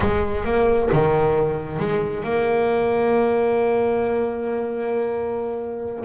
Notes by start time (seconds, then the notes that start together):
0.00 G#3
0.44 A#3
0.92 D#3
1.79 G#3
2.23 A#3